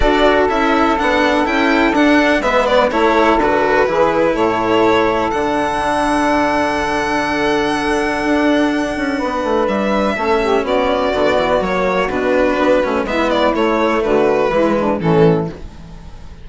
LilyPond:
<<
  \new Staff \with { instrumentName = "violin" } { \time 4/4 \tempo 4 = 124 d''4 e''4 fis''4 g''4 | fis''4 e''8 d''8 cis''4 b'4~ | b'4 cis''2 fis''4~ | fis''1~ |
fis''1 | e''2 d''2 | cis''4 b'2 e''8 d''8 | cis''4 b'2 a'4 | }
  \new Staff \with { instrumentName = "saxophone" } { \time 4/4 a'1~ | a'4 b'4 a'2 | gis'4 a'2.~ | a'1~ |
a'2. b'4~ | b'4 a'8 g'8 fis'2~ | fis'2. e'4~ | e'4 fis'4 e'8 d'8 cis'4 | }
  \new Staff \with { instrumentName = "cello" } { \time 4/4 fis'4 e'4 d'4 e'4 | d'4 b4 e'4 fis'4 | e'2. d'4~ | d'1~ |
d'1~ | d'4 cis'2 b4 | ais4 d'4. cis'8 b4 | a2 gis4 e4 | }
  \new Staff \with { instrumentName = "bassoon" } { \time 4/4 d'4 cis'4 b4 cis'4 | d'4 gis4 a4 d4 | e4 a,2 d4~ | d1~ |
d4 d'4. cis'8 b8 a8 | g4 a4 b4 d8 e8 | fis4 b,4 b8 a8 gis4 | a4 d4 e4 a,4 | }
>>